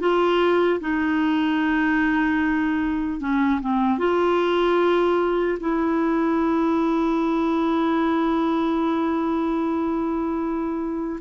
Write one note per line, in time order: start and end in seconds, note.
0.00 0.80 F4
0.80 3.20 D#4
3.20 3.60 C#4
3.61 3.99 C4
3.99 5.58 F4
5.60 11.20 E4